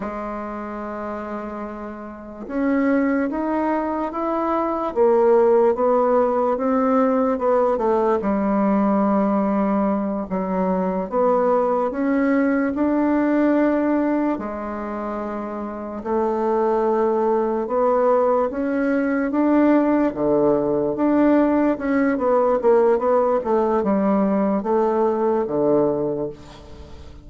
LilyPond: \new Staff \with { instrumentName = "bassoon" } { \time 4/4 \tempo 4 = 73 gis2. cis'4 | dis'4 e'4 ais4 b4 | c'4 b8 a8 g2~ | g8 fis4 b4 cis'4 d'8~ |
d'4. gis2 a8~ | a4. b4 cis'4 d'8~ | d'8 d4 d'4 cis'8 b8 ais8 | b8 a8 g4 a4 d4 | }